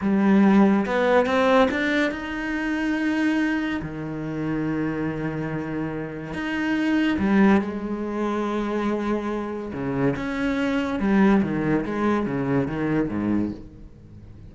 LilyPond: \new Staff \with { instrumentName = "cello" } { \time 4/4 \tempo 4 = 142 g2 b4 c'4 | d'4 dis'2.~ | dis'4 dis2.~ | dis2. dis'4~ |
dis'4 g4 gis2~ | gis2. cis4 | cis'2 g4 dis4 | gis4 cis4 dis4 gis,4 | }